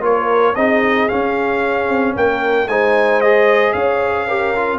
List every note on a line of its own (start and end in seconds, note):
0.00 0.53 A#3
0.00 0.54 F4
0.00 0.56 A#4
0.00 0.55 C#5
0.55 1.09 C4
0.55 1.09 D#4
0.55 2.15 G#4
0.55 1.08 D#5
1.08 2.68 C#4
1.08 1.89 C#4
1.08 2.14 F5
1.89 2.15 C4
2.16 2.67 A#3
2.16 2.68 A#4
2.16 2.68 G5
2.67 3.73 G#3
2.67 3.23 D#4
2.67 3.74 C5
2.67 3.21 G#5
3.21 4.28 G#4
3.21 3.73 D#5
3.73 4.79 C#4
3.73 4.28 C#5
3.73 4.79 F5
4.28 4.54 G4
4.28 4.79 A#4
4.56 4.79 F4